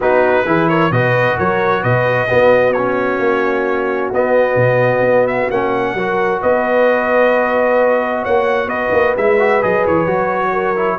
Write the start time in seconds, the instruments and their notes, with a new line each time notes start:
0.00 tuba B3, trombone D#4, horn F#4, trumpet B4
0.46 tuba E3, trombone E4, horn G#4
0.69 horn A#4, trumpet C#5
0.90 tuba B2, trombone F#4, horn B4, trumpet D#5
1.37 tuba F#3, horn A#4, trumpet C#5
1.82 tuba B2, horn B4, trumpet D#5
2.27 trombone B3, tuba B3, horn F#4
2.72 trombone C#4, trumpet C#5
3.19 tuba A#3
4.12 tuba B3, trombone B3, trumpet D#5
4.55 tuba B2
5.00 tuba B3
5.27 trumpet E5
5.50 tuba A#3, trombone C#4, trumpet F#5
5.94 tuba F#3, trombone F#4, horn A#4
6.41 tuba B3, horn B4, trumpet D#5
8.22 tuba A#3, horn C#5, trumpet F#5
8.66 tuba B3, horn B4, trumpet D#5
8.91 tuba A#3
9.17 tuba G#3, trombone E4, trumpet E5
9.39 trombone F#4
9.61 tuba F#3, trombone G#4, trumpet D#5
9.86 tuba E3, trumpet C#5
10.06 tuba F#3, trombone F#4
10.52 horn A#4
10.76 trombone E4